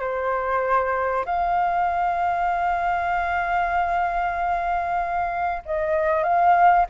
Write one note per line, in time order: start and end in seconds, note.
0.00 1.25 C5
1.26 5.63 F5
5.66 6.24 D#5
6.24 6.86 F5